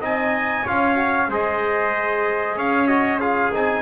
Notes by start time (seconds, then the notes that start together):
0.00 C4 D#4 D#5 G#5
0.64 C#4 F4 C#5 F5
0.95 F#4
1.28 G#3 G#4 C5 D#5
2.56 C#4 C#5 F5
2.87 F#4 D#5
3.20 F4 G#4 F5
3.52 C4 D#4 G#5